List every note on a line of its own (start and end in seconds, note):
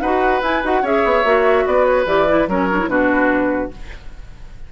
0.00 0.41 D#4
0.00 0.42 F#4
0.00 0.82 B4
0.00 0.41 F#5
0.41 0.62 E4
0.41 0.64 G#5
0.63 0.82 D#4
0.63 0.83 F#4
0.63 0.85 F#5
0.82 1.03 C#4
0.82 1.24 G#4
0.82 1.64 C#5
0.82 1.67 E5
1.05 1.24 B3
1.24 1.65 A#3
1.24 2.06 F#4
1.66 2.05 B3
1.66 2.49 B4
1.66 1.85 D5
1.85 2.05 C#5
2.05 2.46 E3
2.05 2.27 G4
2.05 2.48 D5
2.28 2.48 E4
2.47 2.87 F#3
2.47 2.69 C#4
2.47 2.89 A#4
2.47 2.88 C#5
2.70 2.79 D4
2.79 2.89 E4
2.87 3.69 B2
2.87 3.71 D4
2.87 3.72 F#4
2.87 3.71 B4